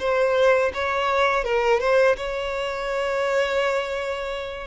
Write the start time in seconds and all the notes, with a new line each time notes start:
0.00 C5
0.74 C#5
1.45 A#4
1.80 C5
2.17 C#5